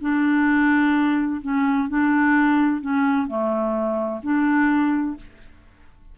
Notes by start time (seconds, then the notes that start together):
0.00 D4
1.41 C#4
1.88 D4
2.81 C#4
3.27 A3
4.22 D4